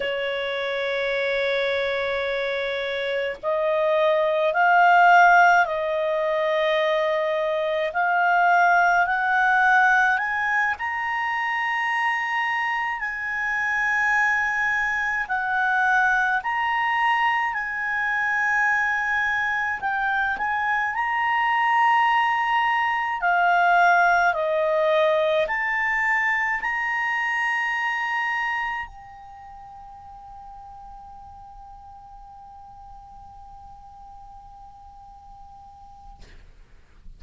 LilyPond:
\new Staff \with { instrumentName = "clarinet" } { \time 4/4 \tempo 4 = 53 cis''2. dis''4 | f''4 dis''2 f''4 | fis''4 gis''8 ais''2 gis''8~ | gis''4. fis''4 ais''4 gis''8~ |
gis''4. g''8 gis''8 ais''4.~ | ais''8 f''4 dis''4 a''4 ais''8~ | ais''4. g''2~ g''8~ | g''1 | }